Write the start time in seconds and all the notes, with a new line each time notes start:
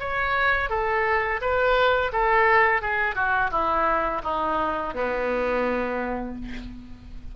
0.00 C#5
0.70 A4
1.41 B4
2.13 A4
2.82 G#4
3.16 F#4
3.52 E4
4.24 D#4
4.94 B3